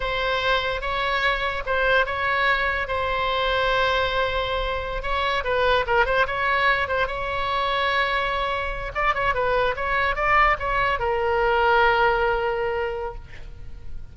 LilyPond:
\new Staff \with { instrumentName = "oboe" } { \time 4/4 \tempo 4 = 146 c''2 cis''2 | c''4 cis''2 c''4~ | c''1~ | c''16 cis''4 b'4 ais'8 c''8 cis''8.~ |
cis''8. c''8 cis''2~ cis''8.~ | cis''4.~ cis''16 d''8 cis''8 b'4 cis''16~ | cis''8. d''4 cis''4 ais'4~ ais'16~ | ais'1 | }